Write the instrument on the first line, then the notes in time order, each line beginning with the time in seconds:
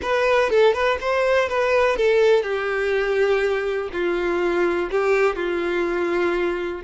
violin
0.01 B4
0.50 A4
0.73 B4
1.00 C5
1.48 B4
1.96 A4
2.43 G4
3.92 F4
4.90 G4
5.35 F4